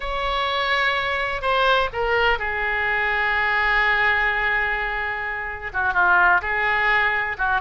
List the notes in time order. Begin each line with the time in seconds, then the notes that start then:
0.00 C#5
1.41 C5
1.92 A#4
2.38 G#4
5.73 F#4
5.93 F4
6.41 G#4
7.37 F#4